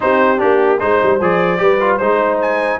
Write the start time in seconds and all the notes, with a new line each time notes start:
0.00 C4 D#4 G4 C5
0.37 A#3 D4 G4
0.79 G#3 D#4 C5
1.03 G3
1.21 F3 G#4 D5
1.57 G3 G4 B4
1.80 F4
1.97 G#3 D#4 C5
2.41 G#5